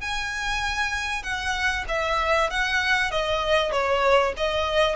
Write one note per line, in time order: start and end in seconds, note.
0.00 1.23 G#5
1.23 1.84 F#5
1.88 2.50 E5
2.50 3.11 F#5
3.11 3.71 D#5
3.71 4.33 C#5
4.37 4.95 D#5